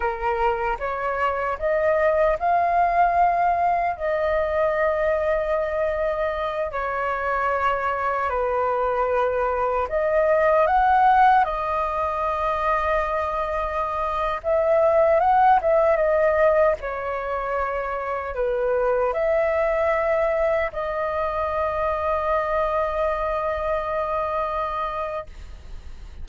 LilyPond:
\new Staff \with { instrumentName = "flute" } { \time 4/4 \tempo 4 = 76 ais'4 cis''4 dis''4 f''4~ | f''4 dis''2.~ | dis''8 cis''2 b'4.~ | b'8 dis''4 fis''4 dis''4.~ |
dis''2~ dis''16 e''4 fis''8 e''16~ | e''16 dis''4 cis''2 b'8.~ | b'16 e''2 dis''4.~ dis''16~ | dis''1 | }